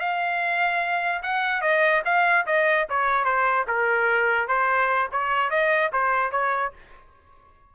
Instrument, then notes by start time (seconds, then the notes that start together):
trumpet
0.00 F5
1.23 F#5
1.62 D#5
2.05 F5
2.47 D#5
2.90 C#5
3.25 C5
3.68 A#4
4.48 C5
5.12 C#5
5.50 D#5
5.93 C5
6.32 C#5